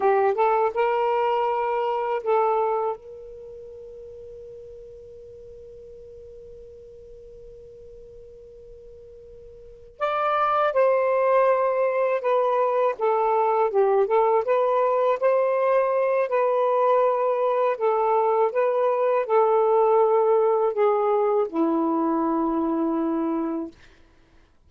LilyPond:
\new Staff \with { instrumentName = "saxophone" } { \time 4/4 \tempo 4 = 81 g'8 a'8 ais'2 a'4 | ais'1~ | ais'1~ | ais'4. d''4 c''4.~ |
c''8 b'4 a'4 g'8 a'8 b'8~ | b'8 c''4. b'2 | a'4 b'4 a'2 | gis'4 e'2. | }